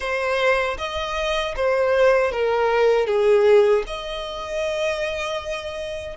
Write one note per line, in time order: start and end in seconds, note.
0.00 0.77 C5
0.77 1.54 D#5
1.56 2.31 C5
2.31 3.06 A#4
3.06 3.83 G#4
3.87 6.16 D#5